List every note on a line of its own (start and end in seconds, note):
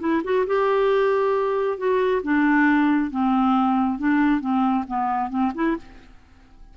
0.00 0.22 E4
0.24 0.46 F#4
0.47 1.78 G4
1.78 2.22 F#4
2.23 3.11 D4
3.11 3.99 C4
3.99 4.41 D4
4.41 4.85 C4
4.87 5.30 B3
5.30 5.52 C4
5.54 5.77 E4